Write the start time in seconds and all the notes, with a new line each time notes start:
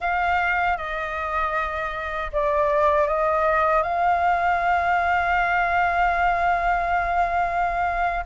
0.00 F5
0.77 D#5
2.32 D5
3.07 D#5
3.82 F5